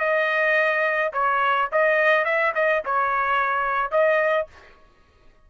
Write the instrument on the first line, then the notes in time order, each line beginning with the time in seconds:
trumpet
0.00 D#5
1.13 C#5
1.73 D#5
2.25 E5
2.55 D#5
2.85 C#5
3.92 D#5